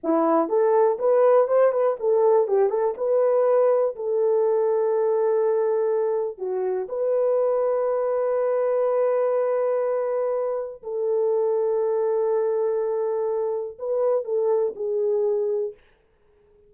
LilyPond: \new Staff \with { instrumentName = "horn" } { \time 4/4 \tempo 4 = 122 e'4 a'4 b'4 c''8 b'8 | a'4 g'8 a'8 b'2 | a'1~ | a'4 fis'4 b'2~ |
b'1~ | b'2 a'2~ | a'1 | b'4 a'4 gis'2 | }